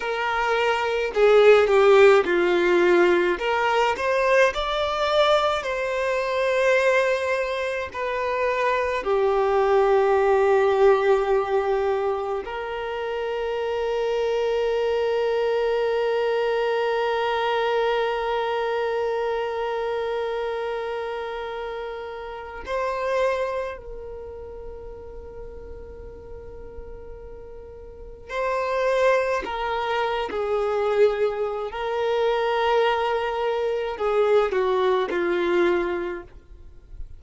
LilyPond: \new Staff \with { instrumentName = "violin" } { \time 4/4 \tempo 4 = 53 ais'4 gis'8 g'8 f'4 ais'8 c''8 | d''4 c''2 b'4 | g'2. ais'4~ | ais'1~ |
ais'1 | c''4 ais'2.~ | ais'4 c''4 ais'8. gis'4~ gis'16 | ais'2 gis'8 fis'8 f'4 | }